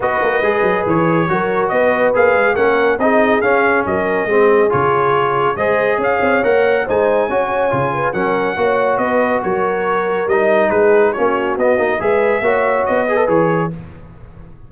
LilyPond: <<
  \new Staff \with { instrumentName = "trumpet" } { \time 4/4 \tempo 4 = 140 dis''2 cis''2 | dis''4 f''4 fis''4 dis''4 | f''4 dis''2 cis''4~ | cis''4 dis''4 f''4 fis''4 |
gis''2. fis''4~ | fis''4 dis''4 cis''2 | dis''4 b'4 cis''4 dis''4 | e''2 dis''4 cis''4 | }
  \new Staff \with { instrumentName = "horn" } { \time 4/4 b'2. ais'4 | b'2 ais'4 gis'4~ | gis'4 ais'4 gis'2~ | gis'4 c''4 cis''2 |
c''4 cis''4. b'8 ais'4 | cis''4 b'4 ais'2~ | ais'4 gis'4 fis'2 | b'4 cis''4. b'4. | }
  \new Staff \with { instrumentName = "trombone" } { \time 4/4 fis'4 gis'2 fis'4~ | fis'4 gis'4 cis'4 dis'4 | cis'2 c'4 f'4~ | f'4 gis'2 ais'4 |
dis'4 fis'4 f'4 cis'4 | fis'1 | dis'2 cis'4 b8 dis'8 | gis'4 fis'4. gis'16 a'16 gis'4 | }
  \new Staff \with { instrumentName = "tuba" } { \time 4/4 b8 ais8 gis8 fis8 e4 fis4 | b4 ais8 gis8 ais4 c'4 | cis'4 fis4 gis4 cis4~ | cis4 gis4 cis'8 c'8 ais4 |
gis4 cis'4 cis4 fis4 | ais4 b4 fis2 | g4 gis4 ais4 b8 ais8 | gis4 ais4 b4 e4 | }
>>